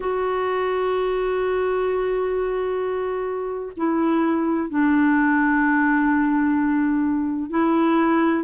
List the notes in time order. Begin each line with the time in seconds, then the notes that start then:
0.00 F#4
3.77 E4
4.69 D4
7.50 E4